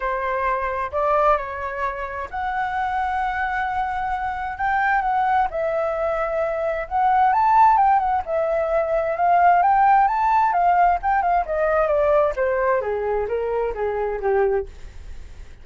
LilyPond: \new Staff \with { instrumentName = "flute" } { \time 4/4 \tempo 4 = 131 c''2 d''4 cis''4~ | cis''4 fis''2.~ | fis''2 g''4 fis''4 | e''2. fis''4 |
a''4 g''8 fis''8 e''2 | f''4 g''4 a''4 f''4 | g''8 f''8 dis''4 d''4 c''4 | gis'4 ais'4 gis'4 g'4 | }